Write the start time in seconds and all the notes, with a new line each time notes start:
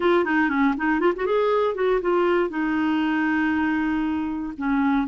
0.00 F4
0.24 D#4
0.49 C#4
0.77 D#4
1.00 F4
1.16 F#4
1.26 G#4
1.74 F#4
2.01 F4
2.49 D#4
4.57 C#4